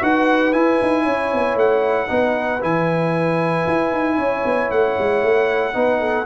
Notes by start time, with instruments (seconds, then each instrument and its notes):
0.00 tuba D#4, trombone F#4, horn B4, trumpet F#5
0.53 trombone E4, tuba E4, trumpet G#5
0.82 tuba D#4
1.03 tuba C#4, horn C#5
1.33 tuba B3
1.56 tuba A3, trumpet F#5
2.08 tuba B3, trombone D#4, horn B4
2.61 tuba E3, trombone E4, trumpet G#5
3.67 tuba E4
3.92 tuba D#4
4.17 tuba C#4, horn C#5
4.45 tuba B3
4.71 tuba A3, trumpet F#5
4.99 tuba G#3
5.23 tuba A3
5.74 tuba B3, trombone D#4, horn B4
6.00 horn A4